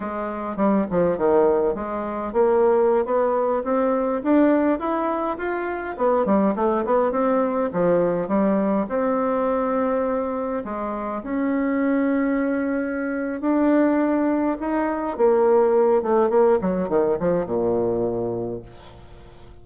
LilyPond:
\new Staff \with { instrumentName = "bassoon" } { \time 4/4 \tempo 4 = 103 gis4 g8 f8 dis4 gis4 | ais4~ ais16 b4 c'4 d'8.~ | d'16 e'4 f'4 b8 g8 a8 b16~ | b16 c'4 f4 g4 c'8.~ |
c'2~ c'16 gis4 cis'8.~ | cis'2. d'4~ | d'4 dis'4 ais4. a8 | ais8 fis8 dis8 f8 ais,2 | }